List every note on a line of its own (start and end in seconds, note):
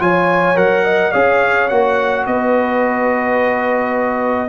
0.00 0.56 F3
0.00 0.55 F4
0.00 0.85 C#5
0.00 0.57 G#5
0.55 1.13 F#3
0.55 1.12 A#4
0.55 1.12 F#5
0.85 1.12 D#5
1.12 1.71 C#4
1.12 1.69 G#4
1.12 2.26 C#5
1.12 1.69 F5
1.69 2.27 A#3
1.69 4.49 F#4
1.69 2.25 F#5
2.26 4.49 B3
2.26 4.49 B4
2.26 4.49 D#5